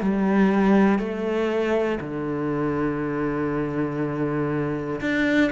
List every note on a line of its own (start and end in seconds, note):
0.00 0.99 G3
0.99 1.99 A3
2.00 5.00 D3
5.00 5.50 D4